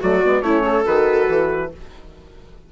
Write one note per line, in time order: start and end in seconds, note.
0.00 0.24 F#3
0.00 0.22 A3
0.00 0.43 F#4
0.00 0.42 D5
0.25 0.42 G#3
0.25 0.42 B3
0.42 0.84 A3
0.42 0.85 C#4
0.42 0.63 E4
0.42 0.85 C#5
0.63 1.70 A4
0.85 1.28 D#3
0.85 1.71 F#4
0.85 1.72 B4
1.28 1.71 E3